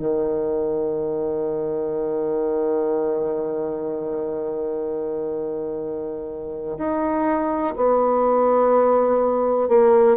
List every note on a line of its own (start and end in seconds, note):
0.00 6.77 D#3
6.78 7.75 D#4
7.76 9.69 B3
9.69 10.17 A#3